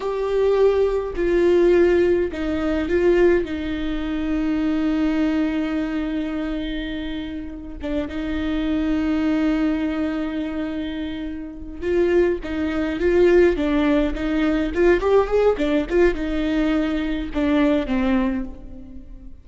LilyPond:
\new Staff \with { instrumentName = "viola" } { \time 4/4 \tempo 4 = 104 g'2 f'2 | dis'4 f'4 dis'2~ | dis'1~ | dis'4. d'8 dis'2~ |
dis'1~ | dis'8 f'4 dis'4 f'4 d'8~ | d'8 dis'4 f'8 g'8 gis'8 d'8 f'8 | dis'2 d'4 c'4 | }